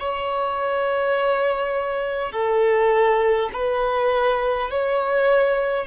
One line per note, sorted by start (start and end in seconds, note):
0.00 2.33 C#5
2.33 3.50 A4
3.53 4.71 B4
4.71 5.87 C#5